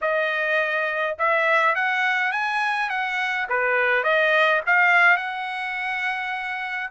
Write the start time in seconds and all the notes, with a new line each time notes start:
0.01 D#5
1.18 E5
1.75 F#5
2.32 G#5
2.89 F#5
3.49 B4
4.03 D#5
4.66 F5
5.16 F#5